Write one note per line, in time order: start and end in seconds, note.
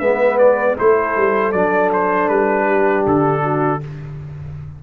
0.00 0.77 G#3
0.00 0.77 B3
0.00 0.76 B4
0.00 0.38 E5
0.38 0.76 D5
0.77 1.17 A3
0.77 1.53 E4
0.77 2.67 A4
0.77 1.52 C5
1.17 1.54 G3
1.52 2.29 F#3
1.52 3.81 D4
1.52 1.90 D5
1.94 2.29 C5
2.29 3.05 G3
2.29 3.05 B4
2.67 3.43 G4
3.07 3.83 D3
3.07 3.83 A4
3.43 3.81 F#4